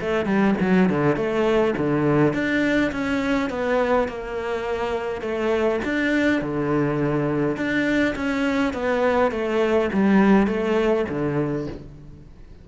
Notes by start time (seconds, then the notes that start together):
0.00 A3
0.25 G3
0.60 F#3
0.89 D3
1.16 A3
1.77 D3
2.33 D4
2.92 C#4
3.50 B3
4.08 A#3
5.21 A3
5.84 D4
6.41 D3
7.56 D4
8.15 C#4
8.73 B3
9.31 A3
9.92 G3
10.47 A3
11.09 D3